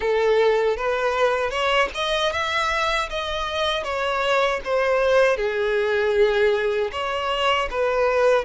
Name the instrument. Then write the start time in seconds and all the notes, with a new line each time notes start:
violin
0.00 A4
0.76 B4
1.50 C#5
1.94 D#5
2.32 E5
3.09 D#5
3.83 C#5
4.64 C5
5.36 G#4
6.92 C#5
7.70 B4